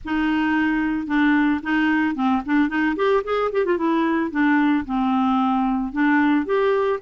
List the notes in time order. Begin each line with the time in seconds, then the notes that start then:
0.04 D#4
1.06 D4
1.62 D#4
2.15 C4
2.45 D4
2.68 D#4
2.96 G4
3.24 G#4
3.52 G4
3.65 F4
3.77 E4
4.30 D4
4.85 C4
5.92 D4
6.45 G4